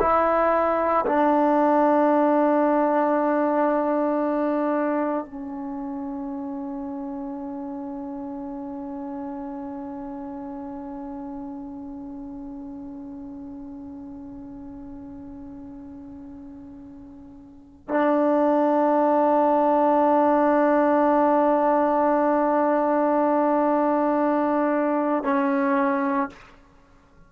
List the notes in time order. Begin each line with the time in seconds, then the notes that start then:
0.00 E4
1.06 D4
5.25 C#4
17.89 D4
25.23 C#4